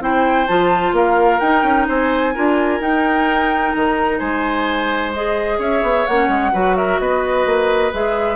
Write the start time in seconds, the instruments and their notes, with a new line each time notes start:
0.00 bassoon C4, clarinet E4, oboe C5, flute G5
0.47 bassoon F3, clarinet F4, flute A5
0.92 bassoon A#3, oboe A#4, flute F5
1.39 bassoon D#4, clarinet D#4, flute G5
1.63 bassoon C#4
1.87 bassoon C4, oboe C5, flute G#5
2.34 bassoon D4, clarinet F4, oboe A#4
2.80 bassoon D#4, clarinet D#4, flute G5
3.72 bassoon D#3, flute A#5
4.18 bassoon G#3, oboe C5, flute G#5
5.13 clarinet G#4, flute D#5
5.58 bassoon C#4, oboe C#5, flute E5
5.82 bassoon B3
6.06 bassoon A#3, clarinet C#4, flute F#5
6.28 bassoon G#3
6.52 bassoon F#3, clarinet F#4, oboe B4
6.76 oboe A#4, flute E5
6.99 bassoon B3, oboe B4, flute D#5
7.45 bassoon A#3
7.92 bassoon G#3, clarinet G#4, flute E5